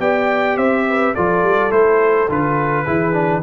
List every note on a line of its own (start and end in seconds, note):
0.00 0.57 B3
0.00 1.15 G4
0.00 0.58 D5
0.00 0.57 G5
0.57 1.14 C4
0.57 0.87 C5
0.57 1.15 E5
0.89 1.15 B4
1.15 1.43 F3
1.15 1.71 F4
1.15 2.85 A4
1.15 1.72 D5
1.43 1.72 G3
1.71 2.29 A3
1.71 2.28 E4
1.71 2.29 C5
2.29 2.87 D3
2.29 2.86 F4
2.29 3.43 B4
2.85 3.43 E3
2.85 3.13 E4
2.85 3.42 G#4
3.13 3.42 D4